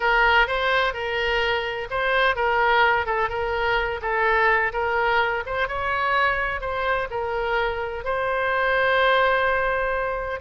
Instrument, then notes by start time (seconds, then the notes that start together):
oboe
0.00 A#4
0.47 C5
0.93 A#4
1.90 C5
2.35 A#4
3.06 A4
3.29 A#4
4.01 A4
4.72 A#4
5.45 C5
5.68 C#5
6.60 C5
7.10 A#4
8.04 C5